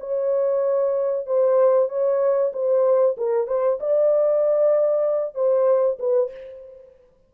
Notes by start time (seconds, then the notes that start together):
0.00 C#5
1.27 C5
1.89 C#5
2.53 C5
3.17 A#4
3.47 C5
3.80 D5
5.35 C5
5.99 B4